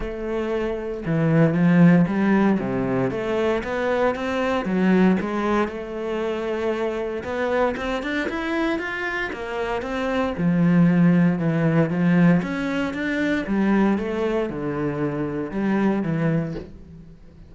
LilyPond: \new Staff \with { instrumentName = "cello" } { \time 4/4 \tempo 4 = 116 a2 e4 f4 | g4 c4 a4 b4 | c'4 fis4 gis4 a4~ | a2 b4 c'8 d'8 |
e'4 f'4 ais4 c'4 | f2 e4 f4 | cis'4 d'4 g4 a4 | d2 g4 e4 | }